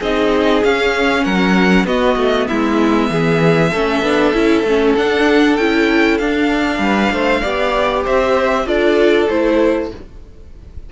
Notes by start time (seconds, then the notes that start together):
0.00 C4 D#4 G#4 D#5
0.64 C#4 F5
1.24 F#3 A#4 F#5
1.85 B3 F#4 D#5
2.16 A3
2.48 G#3 E4 E5
3.10 E3 G#4
3.72 A3 C#4 A4
4.02 B3 D4
4.34 C#4 E4
4.64 A3 C#4
4.97 D4 F#5
5.57 C#4 E4 G5
6.18 D4 F5
6.79 G3 B4
7.11 A3 C5
7.41 B3 G4 D5
8.05 C4 C5 E5
8.66 D4 F4 A4 D5
9.29 A3 E4 C5